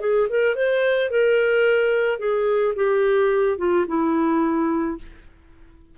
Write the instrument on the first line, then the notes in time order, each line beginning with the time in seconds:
clarinet
0.00 G#4
0.29 A#4
0.55 C5
1.10 A#4
2.19 G#4
2.75 G4
3.58 F4
3.87 E4